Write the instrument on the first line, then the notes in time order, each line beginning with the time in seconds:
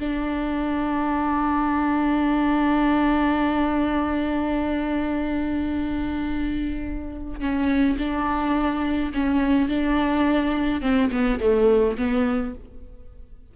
viola
0.00 D4
7.40 C#4
7.98 D4
9.14 C#4
9.69 D4
10.82 C4
11.11 B3
11.40 A3
11.98 B3